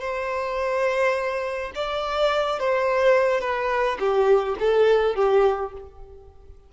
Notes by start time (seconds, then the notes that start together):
0.00 C5
1.75 D5
2.59 C5
3.40 B4
3.99 G4
4.59 A4
5.15 G4